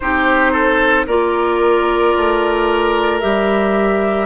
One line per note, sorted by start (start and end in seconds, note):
0.00 1.07 C4
0.00 1.08 D#4
0.00 0.52 G4
0.00 1.05 C5
0.52 1.06 A4
1.06 2.14 A#3
1.06 3.21 F4
1.06 4.26 A#4
1.06 3.19 D5
2.16 3.23 A3
3.19 4.26 G3
3.19 4.26 G4
3.19 4.26 E5